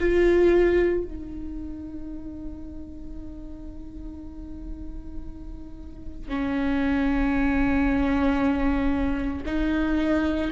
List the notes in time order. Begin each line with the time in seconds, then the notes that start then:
0.00 F4
1.05 D#4
6.29 C#4
9.46 D#4